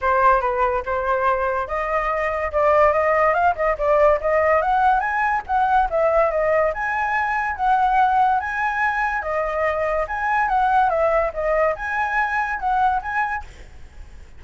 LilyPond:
\new Staff \with { instrumentName = "flute" } { \time 4/4 \tempo 4 = 143 c''4 b'4 c''2 | dis''2 d''4 dis''4 | f''8 dis''8 d''4 dis''4 fis''4 | gis''4 fis''4 e''4 dis''4 |
gis''2 fis''2 | gis''2 dis''2 | gis''4 fis''4 e''4 dis''4 | gis''2 fis''4 gis''4 | }